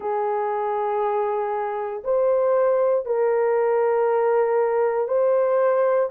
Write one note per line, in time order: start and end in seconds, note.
0.00 2.03 G#4
2.03 3.05 C5
3.05 5.08 A#4
5.08 6.09 C5